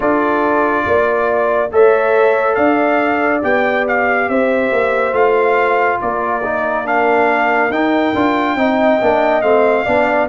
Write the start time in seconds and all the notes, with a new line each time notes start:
0.00 D4 F4 A4 D5
0.86 A#3 D5
1.71 A3 A4 C#5 E5
2.54 D4 D5 F5
3.41 B3 G4 G5
3.87 F5
4.28 C4 C5 E5
4.72 A#3
5.12 A3 F4 F5
6.00 A#3 A#4 D5
6.43 D#4
6.84 D4 F5
7.69 D#4 G5
8.14 D4 F4
8.55 C4 D#4 D#5
9.00 A#3 D4
9.41 A3 C4 F5
9.85 B3 D4 D5